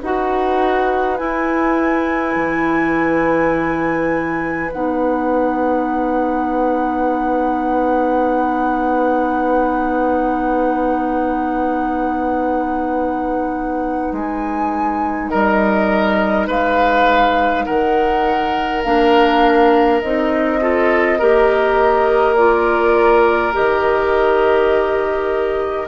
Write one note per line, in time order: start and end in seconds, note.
0.00 1.20 D#4
0.00 1.18 F#4
0.00 15.29 B4
0.00 1.18 F#5
1.18 4.71 E4
1.18 2.36 E4
1.18 4.71 G#5
2.36 4.71 E3
4.72 14.12 B3
4.72 18.84 D#4
4.72 14.14 F#5
14.12 15.30 G#3
14.12 15.30 G#5
15.30 16.48 G3
15.30 16.48 A#4
15.30 16.47 D#5
16.48 17.66 G#3
16.48 17.65 B4
16.48 17.65 F5
17.65 18.85 D#3
17.65 20.60 A#4
17.65 18.83 F#5
18.83 20.02 A#3
18.83 20.02 D4
18.83 20.01 F5
20.01 21.21 C4
20.01 20.61 D#4
20.01 22.36 D#5
20.61 21.20 F4
20.61 21.19 A4
21.19 23.57 A#3
21.19 22.38 G4
21.19 25.89 A#4
22.36 23.53 F4
22.36 23.53 D5
23.53 25.89 D#3
23.53 25.88 G4
23.53 25.89 D#5